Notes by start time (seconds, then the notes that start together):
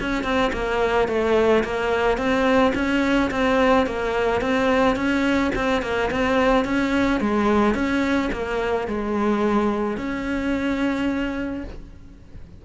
0.00 C#4
0.23 C4
0.52 A#3
1.08 A3
1.64 A#3
2.17 C4
2.75 C#4
3.31 C4
3.86 A#3
4.41 C4
4.96 C#4
5.55 C4
5.82 A#3
6.10 C4
6.64 C#4
7.20 G#3
7.74 C#4
8.32 A#3
8.87 G#3
9.97 C#4